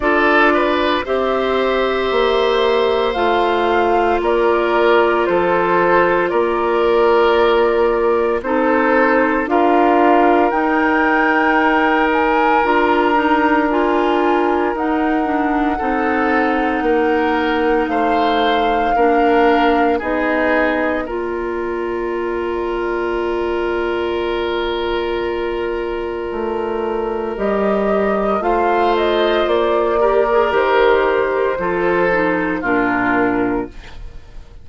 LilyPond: <<
  \new Staff \with { instrumentName = "flute" } { \time 4/4 \tempo 4 = 57 d''4 e''2 f''4 | d''4 c''4 d''2 | c''4 f''4 g''4. gis''8 | ais''4 gis''4 fis''2~ |
fis''4 f''2 dis''4 | d''1~ | d''2 dis''4 f''8 dis''8 | d''4 c''2 ais'4 | }
  \new Staff \with { instrumentName = "oboe" } { \time 4/4 a'8 b'8 c''2. | ais'4 a'4 ais'2 | a'4 ais'2.~ | ais'2. a'4 |
ais'4 c''4 ais'4 gis'4 | ais'1~ | ais'2. c''4~ | c''8 ais'4. a'4 f'4 | }
  \new Staff \with { instrumentName = "clarinet" } { \time 4/4 f'4 g'2 f'4~ | f'1 | dis'4 f'4 dis'2 | f'8 dis'8 f'4 dis'8 d'8 dis'4~ |
dis'2 d'4 dis'4 | f'1~ | f'2 g'4 f'4~ | f'8 g'16 gis'16 g'4 f'8 dis'8 d'4 | }
  \new Staff \with { instrumentName = "bassoon" } { \time 4/4 d'4 c'4 ais4 a4 | ais4 f4 ais2 | c'4 d'4 dis'2 | d'2 dis'4 c'4 |
ais4 a4 ais4 b4 | ais1~ | ais4 a4 g4 a4 | ais4 dis4 f4 ais,4 | }
>>